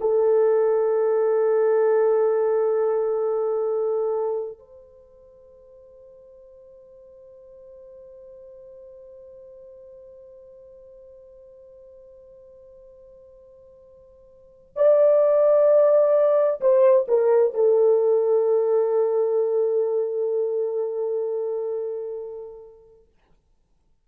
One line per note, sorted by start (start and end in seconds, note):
0.00 4.59 A4
4.59 14.74 C5
14.76 16.60 D5
16.60 17.06 C5
17.08 17.54 A#4
17.54 23.08 A4